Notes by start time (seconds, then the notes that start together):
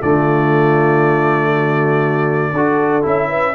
0.00 D3 A3 F4 D5
1.54 F#4
2.52 D4 F#4 A4
3.02 C#4 E4 E5
3.28 B4